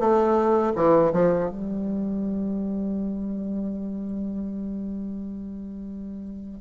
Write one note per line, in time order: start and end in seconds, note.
0.00 0.73 A3
0.76 1.12 E3
1.13 1.50 F3
1.50 6.62 G3